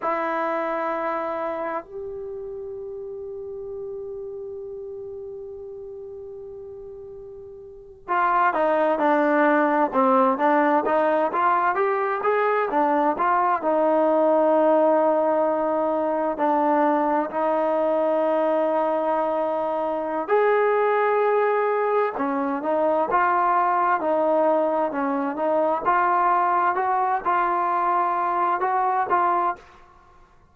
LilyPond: \new Staff \with { instrumentName = "trombone" } { \time 4/4 \tempo 4 = 65 e'2 g'2~ | g'1~ | g'8. f'8 dis'8 d'4 c'8 d'8 dis'16~ | dis'16 f'8 g'8 gis'8 d'8 f'8 dis'4~ dis'16~ |
dis'4.~ dis'16 d'4 dis'4~ dis'16~ | dis'2 gis'2 | cis'8 dis'8 f'4 dis'4 cis'8 dis'8 | f'4 fis'8 f'4. fis'8 f'8 | }